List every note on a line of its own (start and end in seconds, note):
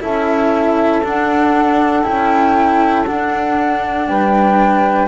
0.00 1.04 C#4
0.00 1.02 E4
0.00 4.07 A4
0.00 1.04 E5
1.03 2.03 D4
1.03 2.05 D4
1.03 2.03 F#5
2.03 3.08 C#4
2.03 3.04 E4
2.03 3.05 G5
3.05 5.07 D4
3.05 4.07 D4
3.05 4.07 F#5
4.07 5.07 G3
4.07 5.07 B4
4.07 5.07 G5